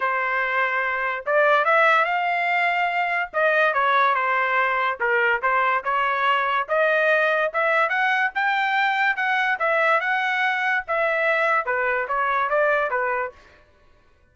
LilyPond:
\new Staff \with { instrumentName = "trumpet" } { \time 4/4 \tempo 4 = 144 c''2. d''4 | e''4 f''2. | dis''4 cis''4 c''2 | ais'4 c''4 cis''2 |
dis''2 e''4 fis''4 | g''2 fis''4 e''4 | fis''2 e''2 | b'4 cis''4 d''4 b'4 | }